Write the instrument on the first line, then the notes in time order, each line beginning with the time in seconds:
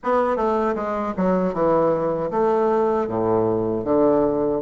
bassoon
0.03 B3
0.36 A3
0.75 G#3
1.16 F#3
1.53 E3
2.30 A3
3.07 A2
3.84 D3